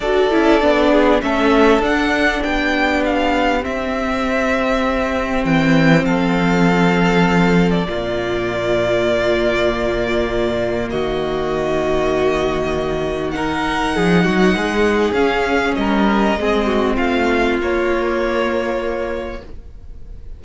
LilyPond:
<<
  \new Staff \with { instrumentName = "violin" } { \time 4/4 \tempo 4 = 99 d''2 e''4 fis''4 | g''4 f''4 e''2~ | e''4 g''4 f''2~ | f''8. d''2.~ d''16~ |
d''2 dis''2~ | dis''2 fis''2~ | fis''4 f''4 dis''2 | f''4 cis''2. | }
  \new Staff \with { instrumentName = "violin" } { \time 4/4 a'4. gis'8 a'2 | g'1~ | g'2 a'2~ | a'4 f'2.~ |
f'2 fis'2~ | fis'2 ais'4 gis'8 fis'8 | gis'2 ais'4 gis'8 fis'8 | f'1 | }
  \new Staff \with { instrumentName = "viola" } { \time 4/4 fis'8 e'8 d'4 cis'4 d'4~ | d'2 c'2~ | c'1~ | c'4 ais2.~ |
ais1~ | ais2 dis'2~ | dis'4 cis'2 c'4~ | c'4 ais2. | }
  \new Staff \with { instrumentName = "cello" } { \time 4/4 d'8 cis'8 b4 a4 d'4 | b2 c'2~ | c'4 e4 f2~ | f4 ais,2.~ |
ais,2 dis2~ | dis2. f8 fis8 | gis4 cis'4 g4 gis4 | a4 ais2. | }
>>